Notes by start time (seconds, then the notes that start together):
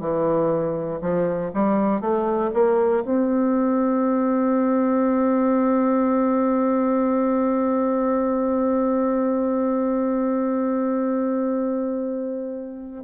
0.00 E3
1.01 F3
1.54 G3
2.00 A3
2.54 A#3
3.05 C4